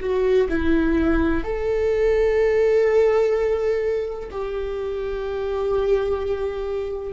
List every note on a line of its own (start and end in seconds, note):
0.00 0.48 F#4
0.49 1.44 E4
1.44 4.29 A4
4.31 7.13 G4